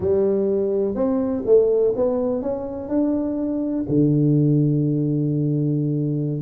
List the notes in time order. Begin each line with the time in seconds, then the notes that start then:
0.00 G3
0.95 C4
1.45 A3
1.96 B3
2.42 C#4
2.88 D4
3.88 D3